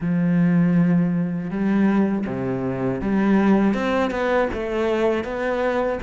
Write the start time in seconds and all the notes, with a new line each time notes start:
0.00 F3
1.50 G3
2.26 C3
3.01 G3
3.73 C4
4.10 B3
4.53 A3
5.24 B3